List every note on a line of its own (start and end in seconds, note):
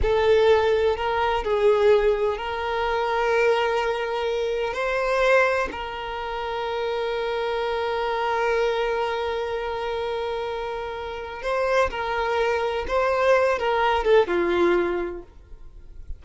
0.02 0.96 A4
0.96 1.44 A#4
1.44 2.37 G#4
2.37 4.73 A#4
4.73 5.68 C5
5.71 11.42 A#4
11.42 11.90 C5
11.90 12.85 A#4
12.87 13.58 C5
13.58 14.04 A#4
14.04 14.27 A4
14.27 15.22 F4